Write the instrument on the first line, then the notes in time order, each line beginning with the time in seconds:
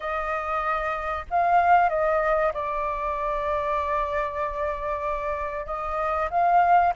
flute
0.00 D#5
1.30 F5
1.89 D#5
2.53 D5
5.66 D#5
6.30 F5